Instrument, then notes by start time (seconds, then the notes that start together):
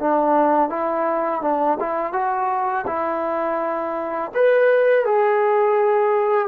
trombone
0.00 D4
0.70 E4
1.42 D4
1.80 E4
2.13 F#4
2.87 E4
4.35 B4
5.06 G#4